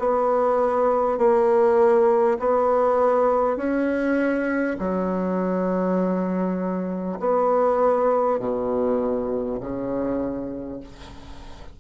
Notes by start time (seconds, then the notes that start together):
0.00 B3
1.19 A#3
2.40 B3
3.57 C#4
4.79 F#3
7.20 B3
8.40 B2
9.61 C#3